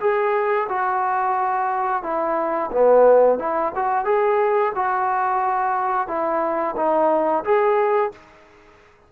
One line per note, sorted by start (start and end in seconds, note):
0.00 0.67 G#4
0.69 2.03 F#4
2.03 2.70 E4
2.71 3.38 B3
3.38 3.72 E4
3.74 4.04 F#4
4.04 4.72 G#4
4.75 6.07 F#4
6.07 6.75 E4
6.76 7.44 D#4
7.44 8.11 G#4